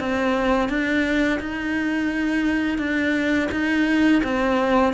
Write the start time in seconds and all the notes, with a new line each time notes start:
0.00 C4
0.69 D4
1.40 D#4
2.79 D4
3.52 D#4
4.24 C4